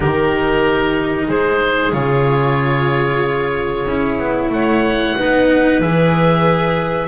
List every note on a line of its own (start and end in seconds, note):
0.00 1.28 D#3
0.00 1.92 D#4
0.00 1.27 G4
0.00 1.27 A#4
1.27 1.92 G#3
1.27 4.49 G#4
1.27 1.92 C5
1.92 3.86 C#3
1.92 3.86 F4
1.92 4.50 C#5
3.86 4.18 C#4
3.86 5.18 E4
4.18 4.49 B3
4.49 5.13 A3
4.49 5.17 C#5
4.49 5.81 F#5
5.17 5.80 B3
5.17 5.82 D#4
5.17 7.08 B4
5.80 7.08 E3
5.80 7.08 G#4
5.80 7.08 E5